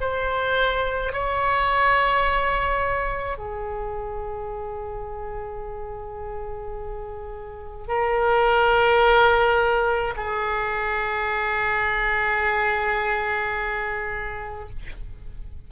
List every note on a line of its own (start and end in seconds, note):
0.00 1.12 C5
1.12 3.38 C#5
3.38 7.87 G#4
7.87 10.14 A#4
10.16 14.69 G#4